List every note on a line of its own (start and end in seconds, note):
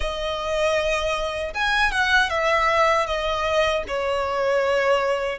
0.00 1.53 D#5
1.53 1.91 G#5
1.91 2.29 F#5
2.29 3.06 E5
3.06 3.83 D#5
3.87 5.38 C#5